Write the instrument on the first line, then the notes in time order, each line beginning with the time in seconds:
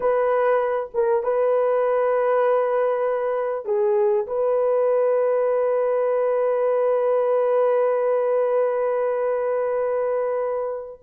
horn
0.00 B4
0.94 A#4
1.23 B4
3.65 G#4
4.26 B4